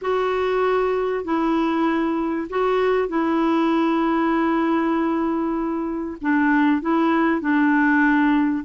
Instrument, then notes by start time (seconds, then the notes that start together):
clarinet
0.01 F#4
1.24 E4
2.49 F#4
3.08 E4
6.21 D4
6.81 E4
7.41 D4